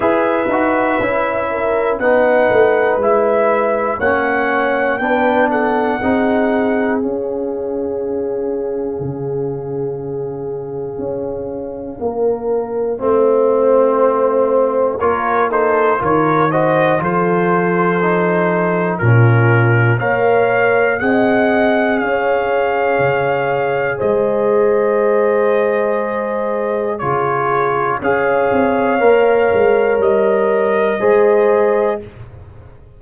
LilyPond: <<
  \new Staff \with { instrumentName = "trumpet" } { \time 4/4 \tempo 4 = 60 e''2 fis''4 e''4 | fis''4 g''8 fis''4. f''4~ | f''1~ | f''2. cis''8 c''8 |
cis''8 dis''8 c''2 ais'4 | f''4 fis''4 f''2 | dis''2. cis''4 | f''2 dis''2 | }
  \new Staff \with { instrumentName = "horn" } { \time 4/4 b'4. ais'8 b'2 | cis''4 b'8 a'8 gis'2~ | gis'1 | ais'4 c''2 ais'8 a'8 |
ais'8 c''8 a'2 f'4 | cis''4 dis''4 cis''2 | c''2. gis'4 | cis''2. c''4 | }
  \new Staff \with { instrumentName = "trombone" } { \time 4/4 gis'8 fis'8 e'4 dis'4 e'4 | cis'4 d'4 dis'4 cis'4~ | cis'1~ | cis'4 c'2 f'8 dis'8 |
f'8 fis'8 f'4 dis'4 cis'4 | ais'4 gis'2.~ | gis'2. f'4 | gis'4 ais'2 gis'4 | }
  \new Staff \with { instrumentName = "tuba" } { \time 4/4 e'8 dis'8 cis'4 b8 a8 gis4 | ais4 b4 c'4 cis'4~ | cis'4 cis2 cis'4 | ais4 a2 ais4 |
dis4 f2 ais,4 | ais4 c'4 cis'4 cis4 | gis2. cis4 | cis'8 c'8 ais8 gis8 g4 gis4 | }
>>